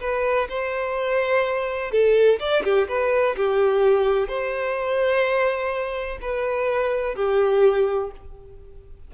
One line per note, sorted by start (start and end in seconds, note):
0.00 0.48 B4
0.49 1.91 C5
1.91 2.39 A4
2.39 2.63 D5
2.64 2.87 G4
2.88 3.35 B4
3.36 4.28 G4
4.28 6.18 C5
6.21 7.16 B4
7.16 8.11 G4